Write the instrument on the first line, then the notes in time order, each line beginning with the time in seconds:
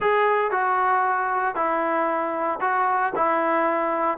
trombone
0.00 G#4
0.51 F#4
1.55 E4
2.60 F#4
3.15 E4